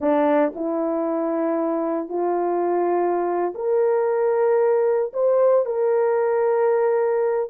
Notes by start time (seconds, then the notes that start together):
0.00 D4
0.55 E4
2.08 F4
3.54 A#4
5.13 C5
5.65 A#4